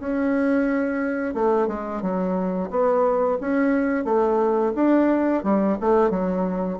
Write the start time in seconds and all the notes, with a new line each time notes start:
0.00 C#4
1.35 A3
1.68 G#3
2.02 F#3
2.70 B3
3.41 C#4
4.05 A3
4.75 D4
5.44 G3
5.80 A3
6.10 F#3